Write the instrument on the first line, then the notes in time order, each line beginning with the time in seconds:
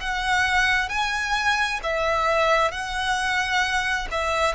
violin
0.00 F#5
0.89 G#5
1.83 E5
2.71 F#5
4.11 E5